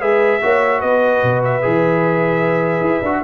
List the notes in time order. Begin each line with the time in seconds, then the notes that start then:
0.00 G#3 G#4 B4 E5
0.41 A#3 F#4 C#5
0.79 B3 B4 D#5
1.22 B2
1.44 E5
1.61 E3 G#4
2.81 E4
3.01 D4 F#4